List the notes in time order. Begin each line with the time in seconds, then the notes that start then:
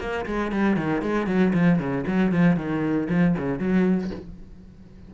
0.00 A#3
0.26 G#3
0.52 G3
0.77 D#3
1.02 G#3
1.27 F#3
1.54 F3
1.79 C#3
2.07 F#3
2.32 F3
2.56 D#3
3.10 F3
3.38 C#3
3.59 F#3